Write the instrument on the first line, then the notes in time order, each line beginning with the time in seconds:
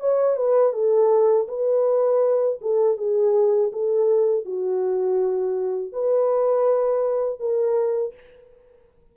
horn
0.00 C#5
0.36 B4
0.73 A4
1.48 B4
2.61 A4
2.97 G#4
3.72 A4
4.45 F#4
5.93 B4
7.40 A#4